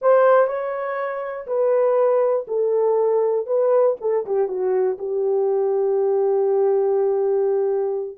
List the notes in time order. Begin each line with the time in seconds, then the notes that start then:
0.01 C5
0.47 C#5
1.47 B4
2.47 A4
3.46 B4
4.01 A4
4.26 G4
4.47 F#4
4.98 G4